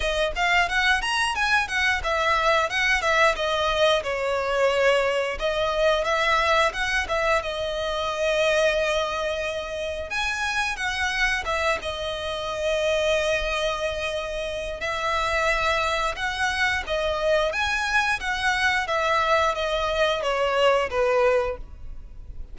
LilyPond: \new Staff \with { instrumentName = "violin" } { \time 4/4 \tempo 4 = 89 dis''8 f''8 fis''8 ais''8 gis''8 fis''8 e''4 | fis''8 e''8 dis''4 cis''2 | dis''4 e''4 fis''8 e''8 dis''4~ | dis''2. gis''4 |
fis''4 e''8 dis''2~ dis''8~ | dis''2 e''2 | fis''4 dis''4 gis''4 fis''4 | e''4 dis''4 cis''4 b'4 | }